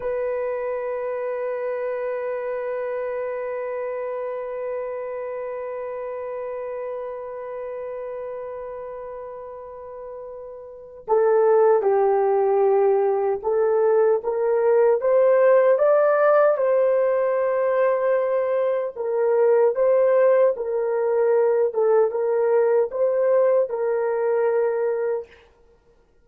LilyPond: \new Staff \with { instrumentName = "horn" } { \time 4/4 \tempo 4 = 76 b'1~ | b'1~ | b'1~ | b'2 a'4 g'4~ |
g'4 a'4 ais'4 c''4 | d''4 c''2. | ais'4 c''4 ais'4. a'8 | ais'4 c''4 ais'2 | }